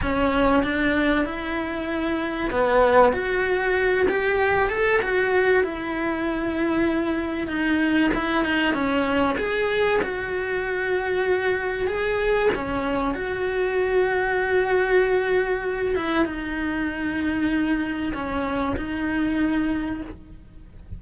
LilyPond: \new Staff \with { instrumentName = "cello" } { \time 4/4 \tempo 4 = 96 cis'4 d'4 e'2 | b4 fis'4. g'4 a'8 | fis'4 e'2. | dis'4 e'8 dis'8 cis'4 gis'4 |
fis'2. gis'4 | cis'4 fis'2.~ | fis'4. e'8 dis'2~ | dis'4 cis'4 dis'2 | }